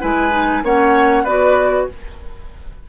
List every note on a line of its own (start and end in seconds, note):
0.00 0.63 G#3
0.00 0.31 E4
0.00 0.64 B4
0.00 0.64 G#5
0.31 0.62 D#4
0.63 1.25 A#3
0.63 1.27 C#4
0.63 1.24 C#5
0.63 1.25 F#5
1.24 1.87 B3
1.24 1.89 F#4
1.24 1.86 B4
1.24 1.87 D5